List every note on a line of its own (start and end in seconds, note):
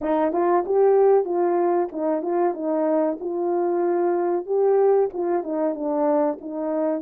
0.01 0.32 D#4
0.32 0.64 F4
0.65 1.24 G4
1.24 1.88 F4
1.92 2.22 D#4
2.22 2.54 F4
2.54 3.17 D#4
3.19 4.45 F4
4.45 5.09 G4
5.13 5.43 F4
5.43 5.74 D#4
5.74 6.38 D4
6.40 7.01 D#4